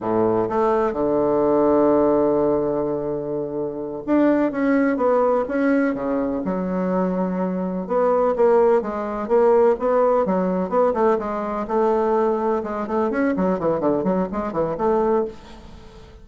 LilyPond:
\new Staff \with { instrumentName = "bassoon" } { \time 4/4 \tempo 4 = 126 a,4 a4 d2~ | d1~ | d8 d'4 cis'4 b4 cis'8~ | cis'8 cis4 fis2~ fis8~ |
fis8 b4 ais4 gis4 ais8~ | ais8 b4 fis4 b8 a8 gis8~ | gis8 a2 gis8 a8 cis'8 | fis8 e8 d8 fis8 gis8 e8 a4 | }